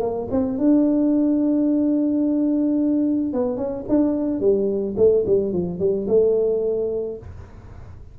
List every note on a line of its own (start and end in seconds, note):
0.00 0.28 A#3
0.31 0.58 C4
0.58 3.33 D4
3.33 3.57 B3
3.57 3.84 C#4
3.88 4.40 D4
4.40 4.95 G3
4.97 5.24 A3
5.26 5.52 G3
5.52 5.79 F3
5.79 6.07 G3
6.08 7.18 A3